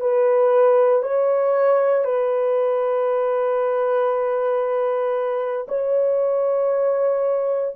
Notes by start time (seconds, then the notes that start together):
0.00 B4
1.03 C#5
2.05 B4
5.68 C#5